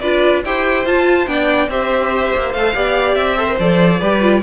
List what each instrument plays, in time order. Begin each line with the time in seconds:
0.00 cello D4, viola F4, violin B4 D5
0.45 cello E4, viola G4, violin C5 G5
0.85 viola F4, cello F4, violin A5
1.26 cello B3, viola D4, violin D5 G5
1.69 cello C4, viola G4, violin C5 E5
2.36 cello A#3
2.53 cello A3, viola A4, violin F5
2.75 cello B3, viola G4, violin D5
3.15 cello C4, violin E5
3.37 viola A4, violin C5
3.47 viola A#4
3.59 cello F3, viola A4, violin D5
4.00 cello G3, viola G4, violin B4
4.21 viola F4